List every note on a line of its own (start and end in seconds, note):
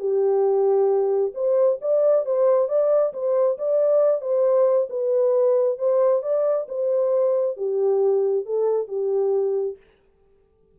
0.00 1.33 G4
1.35 1.79 C5
1.81 2.26 D5
2.26 2.69 C5
2.69 3.13 D5
3.14 3.58 C5
3.58 4.22 D5
4.22 4.88 C5
4.90 5.79 B4
5.79 6.23 C5
6.23 6.67 D5
6.69 7.57 C5
7.57 8.46 G4
8.46 8.88 A4
8.88 9.77 G4